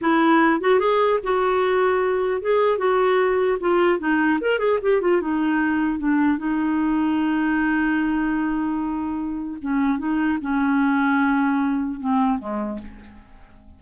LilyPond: \new Staff \with { instrumentName = "clarinet" } { \time 4/4 \tempo 4 = 150 e'4. fis'8 gis'4 fis'4~ | fis'2 gis'4 fis'4~ | fis'4 f'4 dis'4 ais'8 gis'8 | g'8 f'8 dis'2 d'4 |
dis'1~ | dis'1 | cis'4 dis'4 cis'2~ | cis'2 c'4 gis4 | }